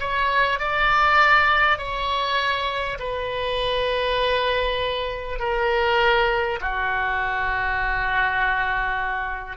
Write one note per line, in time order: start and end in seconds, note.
0.00 0.59 C#5
0.59 1.78 D5
1.78 2.98 C#5
2.99 5.39 B4
5.39 6.59 A#4
6.61 9.57 F#4